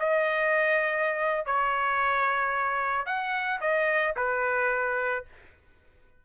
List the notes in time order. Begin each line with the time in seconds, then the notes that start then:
0.00 D#5
1.46 C#5
3.06 F#5
3.61 D#5
4.17 B4